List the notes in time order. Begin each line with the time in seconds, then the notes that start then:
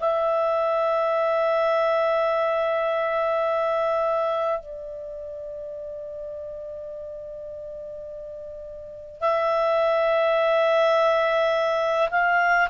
0.00 E5
4.61 D5
9.21 E5
12.11 F5